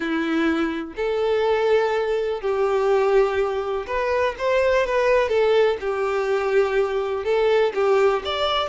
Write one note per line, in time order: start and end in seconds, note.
0.00 0.94 E4
0.96 2.41 A4
2.41 3.86 G4
3.86 4.35 B4
4.38 4.86 C5
4.86 5.28 B4
5.28 5.77 A4
5.80 7.24 G4
7.24 7.72 A4
7.74 8.23 G4
8.25 8.68 D5